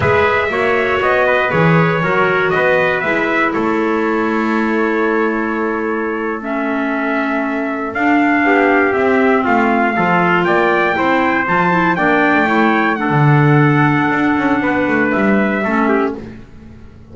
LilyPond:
<<
  \new Staff \with { instrumentName = "trumpet" } { \time 4/4 \tempo 4 = 119 e''2 dis''4 cis''4~ | cis''4 dis''4 e''4 cis''4~ | cis''1~ | cis''8. e''2. f''16~ |
f''4.~ f''16 e''4 f''4~ f''16~ | f''8. g''2 a''4 g''16~ | g''4.~ g''16 fis''2~ fis''16~ | fis''2 e''2 | }
  \new Staff \with { instrumentName = "trumpet" } { \time 4/4 b'4 cis''4. b'4. | ais'4 b'2 a'4~ | a'1~ | a'1~ |
a'8. g'2 f'4 a'16~ | a'8. d''4 c''2 d''16~ | d''8. cis''4 a'2~ a'16~ | a'4 b'2 a'8 g'8 | }
  \new Staff \with { instrumentName = "clarinet" } { \time 4/4 gis'4 fis'2 gis'4 | fis'2 e'2~ | e'1~ | e'8. cis'2. d'16~ |
d'4.~ d'16 c'2 f'16~ | f'4.~ f'16 e'4 f'8 e'8 d'16~ | d'8. e'4 d'2~ d'16~ | d'2. cis'4 | }
  \new Staff \with { instrumentName = "double bass" } { \time 4/4 gis4 ais4 b4 e4 | fis4 b4 gis4 a4~ | a1~ | a2.~ a8. d'16~ |
d'8. b4 c'4 a4 f16~ | f8. ais4 c'4 f4 ais16~ | ais8 a4. d2 | d'8 cis'8 b8 a8 g4 a4 | }
>>